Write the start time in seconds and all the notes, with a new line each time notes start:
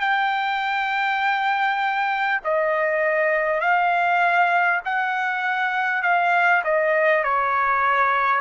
0.00 G5
2.44 D#5
3.61 F5
4.85 F#5
6.02 F5
6.64 D#5
7.24 C#5